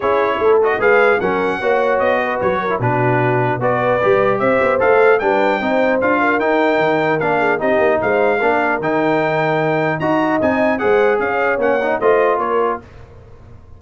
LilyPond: <<
  \new Staff \with { instrumentName = "trumpet" } { \time 4/4 \tempo 4 = 150 cis''4. dis''8 f''4 fis''4~ | fis''4 dis''4 cis''4 b'4~ | b'4 d''2 e''4 | f''4 g''2 f''4 |
g''2 f''4 dis''4 | f''2 g''2~ | g''4 ais''4 gis''4 fis''4 | f''4 fis''4 dis''4 cis''4 | }
  \new Staff \with { instrumentName = "horn" } { \time 4/4 gis'4 a'4 b'4 ais'4 | cis''4. b'4 ais'8 fis'4~ | fis'4 b'2 c''4~ | c''4 b'4 c''4. ais'8~ |
ais'2~ ais'8 gis'8 g'4 | c''4 ais'2.~ | ais'4 dis''2 c''4 | cis''2 c''4 ais'4 | }
  \new Staff \with { instrumentName = "trombone" } { \time 4/4 e'4. fis'8 gis'4 cis'4 | fis'2~ fis'8. e'16 d'4~ | d'4 fis'4 g'2 | a'4 d'4 dis'4 f'4 |
dis'2 d'4 dis'4~ | dis'4 d'4 dis'2~ | dis'4 fis'4 dis'4 gis'4~ | gis'4 cis'8 dis'8 f'2 | }
  \new Staff \with { instrumentName = "tuba" } { \time 4/4 cis'4 a4 gis4 fis4 | ais4 b4 fis4 b,4~ | b,4 b4 g4 c'8 b8 | a4 g4 c'4 d'4 |
dis'4 dis4 ais4 c'8 ais8 | gis4 ais4 dis2~ | dis4 dis'4 c'4 gis4 | cis'4 ais4 a4 ais4 | }
>>